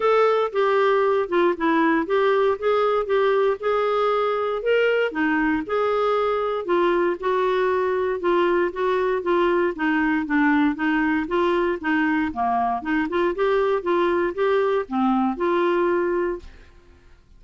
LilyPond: \new Staff \with { instrumentName = "clarinet" } { \time 4/4 \tempo 4 = 117 a'4 g'4. f'8 e'4 | g'4 gis'4 g'4 gis'4~ | gis'4 ais'4 dis'4 gis'4~ | gis'4 f'4 fis'2 |
f'4 fis'4 f'4 dis'4 | d'4 dis'4 f'4 dis'4 | ais4 dis'8 f'8 g'4 f'4 | g'4 c'4 f'2 | }